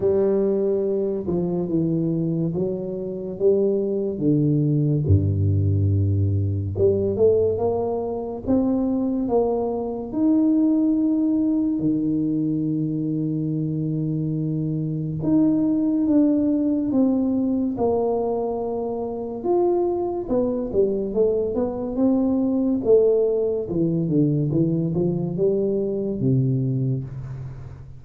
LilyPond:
\new Staff \with { instrumentName = "tuba" } { \time 4/4 \tempo 4 = 71 g4. f8 e4 fis4 | g4 d4 g,2 | g8 a8 ais4 c'4 ais4 | dis'2 dis2~ |
dis2 dis'4 d'4 | c'4 ais2 f'4 | b8 g8 a8 b8 c'4 a4 | e8 d8 e8 f8 g4 c4 | }